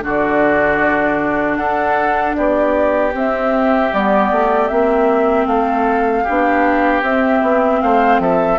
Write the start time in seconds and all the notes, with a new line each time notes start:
0.00 D3 D4 F#4 D5
1.56 D4 A4 F#5
2.35 B3 G4 D5
3.13 C4 E5
3.93 G3 B3 D5
4.31 A3
4.68 A#3 C4 E5
5.47 A3 A4 F5
6.24 B3 D4 G4
7.02 C4 E5
7.42 B3
7.81 A3 C5 F5
8.19 F3 A4 E5